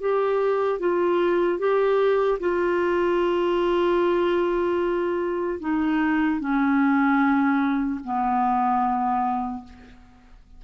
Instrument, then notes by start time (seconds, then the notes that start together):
clarinet
0.00 G4
0.79 F4
1.59 G4
2.39 F4
5.60 D#4
6.40 C#4
8.04 B3